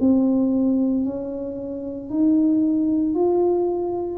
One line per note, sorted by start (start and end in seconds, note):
0.00 1.05 C4
1.05 2.11 C#4
2.11 3.15 D#4
3.15 4.19 F4